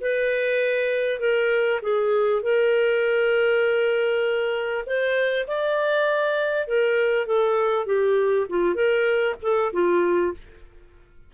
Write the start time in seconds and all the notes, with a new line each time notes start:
0.00 B4
1.19 A#4
1.82 G#4
2.42 A#4
4.86 C5
5.47 D5
6.67 A#4
7.26 A4
7.86 G4
8.49 F4
8.74 A#4
9.42 A4
9.72 F4